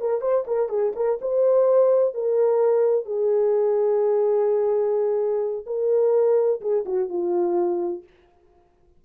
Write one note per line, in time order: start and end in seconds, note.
0.00 0.21 A#4
0.21 0.44 C5
0.47 0.69 A#4
0.69 0.92 G#4
0.96 1.19 A#4
1.21 2.14 C5
2.14 3.05 A#4
3.05 5.65 G#4
5.66 6.60 A#4
6.61 6.84 G#4
6.85 7.08 F#4
7.08 8.03 F4